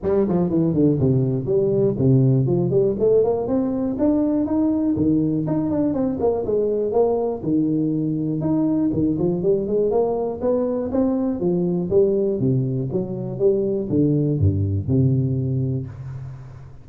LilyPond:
\new Staff \with { instrumentName = "tuba" } { \time 4/4 \tempo 4 = 121 g8 f8 e8 d8 c4 g4 | c4 f8 g8 a8 ais8 c'4 | d'4 dis'4 dis4 dis'8 d'8 | c'8 ais8 gis4 ais4 dis4~ |
dis4 dis'4 dis8 f8 g8 gis8 | ais4 b4 c'4 f4 | g4 c4 fis4 g4 | d4 g,4 c2 | }